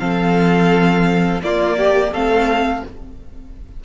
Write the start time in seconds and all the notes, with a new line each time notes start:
0.00 F3 C4 A4 F5
1.42 A#3 F4 D5
1.78 G4
2.12 A3 C4 A4 F5